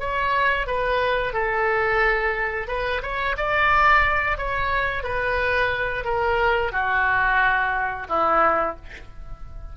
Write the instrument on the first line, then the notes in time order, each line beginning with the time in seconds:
oboe
0.00 C#5
0.67 B4
1.33 A4
2.68 B4
3.03 C#5
3.37 D5
4.38 C#5
5.03 B4
6.05 A#4
6.73 F#4
8.09 E4